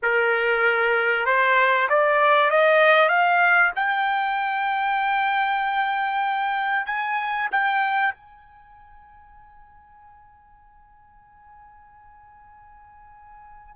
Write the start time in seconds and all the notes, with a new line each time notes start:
0.02 A#4
1.25 C5
1.89 D5
2.50 D#5
3.08 F5
3.75 G5
6.86 G#5
7.51 G5
8.14 G#5